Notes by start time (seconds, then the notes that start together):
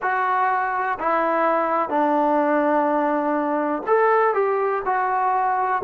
0.01 F#4
0.99 E4
1.89 D4
3.86 A4
4.33 G4
4.85 F#4